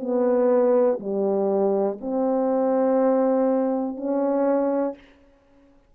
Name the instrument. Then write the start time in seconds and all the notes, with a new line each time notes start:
horn
0.00 B3
0.99 G3
2.00 C4
3.96 C#4